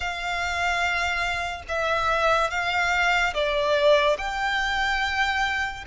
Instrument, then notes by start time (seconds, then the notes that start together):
violin
0.00 F5
1.68 E5
2.50 F5
3.33 D5
4.17 G5